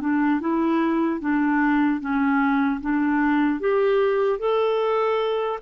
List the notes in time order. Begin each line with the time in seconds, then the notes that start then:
0.00 D4
0.40 E4
1.20 D4
2.00 C#4
2.80 D4
3.60 G4
4.39 A4